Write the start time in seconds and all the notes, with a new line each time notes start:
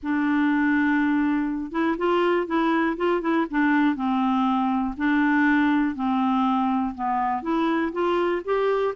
0.02 D4
1.71 E4
1.97 F4
2.46 E4
2.97 F4
3.21 E4
3.50 D4
3.95 C4
4.97 D4
5.95 C4
6.94 B3
7.42 E4
7.92 F4
8.45 G4